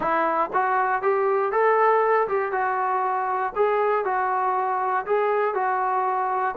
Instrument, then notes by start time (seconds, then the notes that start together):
trombone
0.00 E4
0.53 F#4
1.02 G4
1.51 A4
2.27 G4
2.51 F#4
3.55 G#4
4.05 F#4
5.06 G#4
5.54 F#4